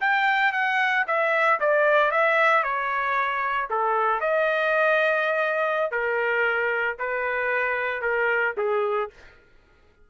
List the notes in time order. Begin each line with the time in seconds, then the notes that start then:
0.00 G5
0.52 F#5
1.07 E5
1.60 D5
2.11 E5
2.63 C#5
3.70 A4
4.20 D#5
5.91 A#4
6.98 B4
8.01 A#4
8.57 G#4